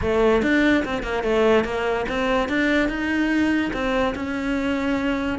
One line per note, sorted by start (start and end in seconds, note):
0.01 0.42 A3
0.42 0.84 D4
0.84 1.02 C4
1.02 1.23 A#3
1.23 1.64 A3
1.64 2.05 A#3
2.08 2.48 C4
2.48 2.88 D4
2.88 3.71 D#4
3.73 4.14 C4
4.15 5.38 C#4